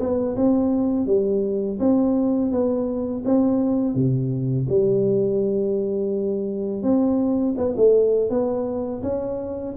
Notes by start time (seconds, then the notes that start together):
0.00 B3
0.37 C4
1.06 G3
1.80 C4
2.52 B3
3.25 C4
3.95 C3
4.70 G3
6.83 C4
7.58 B3
7.77 A3
8.30 B3
9.03 C#4